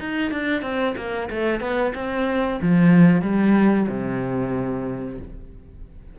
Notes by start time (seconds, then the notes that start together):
0.00 D#4
0.31 D4
0.63 C4
0.97 A#3
1.30 A3
1.61 B3
1.95 C4
2.62 F3
3.22 G3
3.89 C3